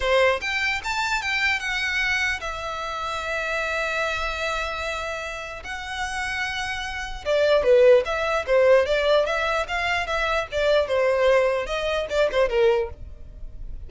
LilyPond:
\new Staff \with { instrumentName = "violin" } { \time 4/4 \tempo 4 = 149 c''4 g''4 a''4 g''4 | fis''2 e''2~ | e''1~ | e''2 fis''2~ |
fis''2 d''4 b'4 | e''4 c''4 d''4 e''4 | f''4 e''4 d''4 c''4~ | c''4 dis''4 d''8 c''8 ais'4 | }